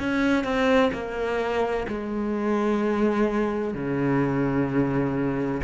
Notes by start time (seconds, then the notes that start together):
0.00 C#4
0.44 C4
0.93 A#3
1.88 G#3
3.74 C#3